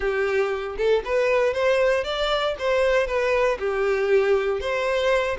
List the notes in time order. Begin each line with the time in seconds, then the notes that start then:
0.00 G4
0.77 A4
1.04 B4
1.53 C5
2.03 D5
2.59 C5
3.06 B4
3.59 G4
4.60 C5